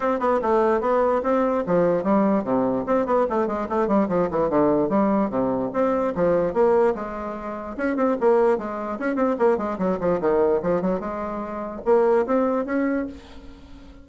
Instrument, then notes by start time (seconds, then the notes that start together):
bassoon
0.00 C4
0.19 B3
0.42 A3
0.81 B3
1.23 C4
1.66 F3
2.03 G3
2.43 C3
2.86 C4
3.06 B3
3.29 A3
3.47 G#3
3.69 A3
3.87 G3
4.08 F3
4.30 E3
4.49 D3
4.89 G3
5.30 C3
5.73 C4
6.15 F3
6.53 A#3
6.95 G#3
7.77 C#4
7.96 C4
8.20 A#3
8.58 G#3
8.99 C#4
9.15 C4
9.38 A#3
9.57 G#3
9.78 F#3
10.00 F3
10.21 D#3
10.62 F3
10.81 F#3
10.99 G#3
11.85 A#3
12.26 C4
12.65 C#4